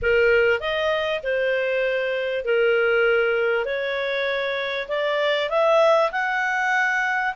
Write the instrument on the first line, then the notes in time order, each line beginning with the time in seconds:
clarinet
0.02 A#4
0.60 D#5
1.23 C5
2.44 A#4
3.65 C#5
4.88 D5
5.49 E5
6.11 F#5